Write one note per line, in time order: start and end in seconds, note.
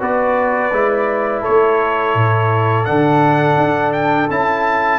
0.00 0.72 B3
0.00 0.71 F#4
0.00 1.42 B4
0.00 1.44 D5
0.72 1.43 G#3
0.72 2.85 E4
1.42 4.99 A4
1.42 2.85 C#5
1.48 2.15 A3
2.15 2.86 A2
2.85 3.58 D3
2.85 4.28 D4
2.85 3.92 F#5
3.58 4.29 D4
3.93 4.28 G5
4.30 4.99 C#4
4.30 4.99 E4
4.30 4.99 A5